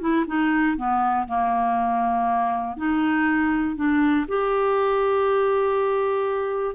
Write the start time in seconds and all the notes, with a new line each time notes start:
0.00 E4
0.27 D#4
0.77 B3
1.27 A#3
2.77 D#4
3.76 D4
4.28 G4